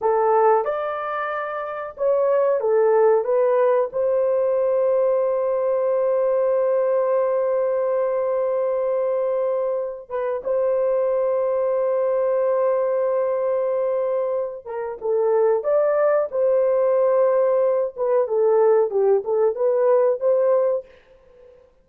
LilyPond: \new Staff \with { instrumentName = "horn" } { \time 4/4 \tempo 4 = 92 a'4 d''2 cis''4 | a'4 b'4 c''2~ | c''1~ | c''2.~ c''8 b'8 |
c''1~ | c''2~ c''8 ais'8 a'4 | d''4 c''2~ c''8 b'8 | a'4 g'8 a'8 b'4 c''4 | }